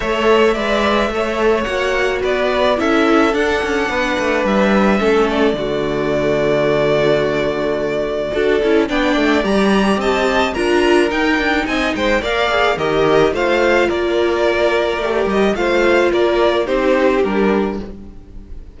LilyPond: <<
  \new Staff \with { instrumentName = "violin" } { \time 4/4 \tempo 4 = 108 e''2. fis''4 | d''4 e''4 fis''2 | e''4. d''2~ d''8~ | d''1 |
g''4 ais''4 a''4 ais''4 | g''4 gis''8 g''8 f''4 dis''4 | f''4 d''2~ d''8 dis''8 | f''4 d''4 c''4 ais'4 | }
  \new Staff \with { instrumentName = "violin" } { \time 4/4 cis''4 d''4 cis''2 | b'4 a'2 b'4~ | b'4 a'4 fis'2~ | fis'2. a'4 |
d''2 dis''4 ais'4~ | ais'4 dis''8 c''8 d''4 ais'4 | c''4 ais'2. | c''4 ais'4 g'2 | }
  \new Staff \with { instrumentName = "viola" } { \time 4/4 a'4 b'4 a'4 fis'4~ | fis'4 e'4 d'2~ | d'4 cis'4 a2~ | a2. fis'8 e'8 |
d'4 g'2 f'4 | dis'2 ais'8 gis'8 g'4 | f'2. g'4 | f'2 dis'4 d'4 | }
  \new Staff \with { instrumentName = "cello" } { \time 4/4 a4 gis4 a4 ais4 | b4 cis'4 d'8 cis'8 b8 a8 | g4 a4 d2~ | d2. d'8 cis'8 |
b8 a8 g4 c'4 d'4 | dis'8 d'8 c'8 gis8 ais4 dis4 | a4 ais2 a8 g8 | a4 ais4 c'4 g4 | }
>>